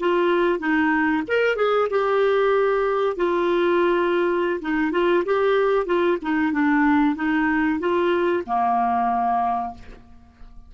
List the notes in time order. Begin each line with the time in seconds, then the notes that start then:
0.00 F4
0.59 D#4
1.28 A#4
1.56 G#4
1.90 G4
3.17 F4
4.62 D#4
4.92 F4
5.25 G4
5.86 F4
6.23 D#4
6.53 D4
7.16 D#4
7.80 F4
8.47 A#3